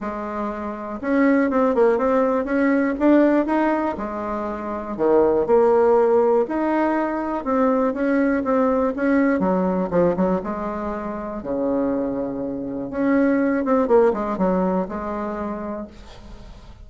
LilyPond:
\new Staff \with { instrumentName = "bassoon" } { \time 4/4 \tempo 4 = 121 gis2 cis'4 c'8 ais8 | c'4 cis'4 d'4 dis'4 | gis2 dis4 ais4~ | ais4 dis'2 c'4 |
cis'4 c'4 cis'4 fis4 | f8 fis8 gis2 cis4~ | cis2 cis'4. c'8 | ais8 gis8 fis4 gis2 | }